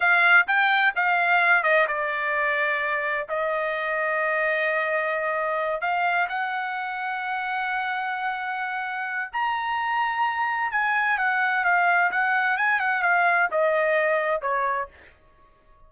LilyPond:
\new Staff \with { instrumentName = "trumpet" } { \time 4/4 \tempo 4 = 129 f''4 g''4 f''4. dis''8 | d''2. dis''4~ | dis''1~ | dis''8 f''4 fis''2~ fis''8~ |
fis''1 | ais''2. gis''4 | fis''4 f''4 fis''4 gis''8 fis''8 | f''4 dis''2 cis''4 | }